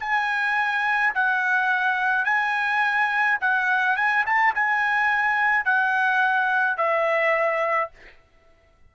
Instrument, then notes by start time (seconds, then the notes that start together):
trumpet
0.00 G#5
1.14 F#5
2.24 G#5
3.41 F#5
3.96 G#5
4.26 A5
4.55 G#5
5.64 F#5
6.77 E5